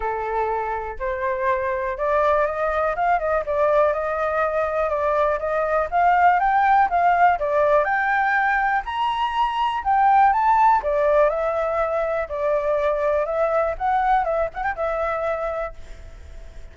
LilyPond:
\new Staff \with { instrumentName = "flute" } { \time 4/4 \tempo 4 = 122 a'2 c''2 | d''4 dis''4 f''8 dis''8 d''4 | dis''2 d''4 dis''4 | f''4 g''4 f''4 d''4 |
g''2 ais''2 | g''4 a''4 d''4 e''4~ | e''4 d''2 e''4 | fis''4 e''8 fis''16 g''16 e''2 | }